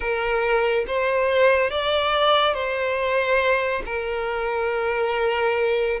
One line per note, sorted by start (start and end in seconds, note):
0.00 0.85 A#4
0.87 1.70 C5
1.70 2.54 D5
2.54 3.82 C5
3.85 6.00 A#4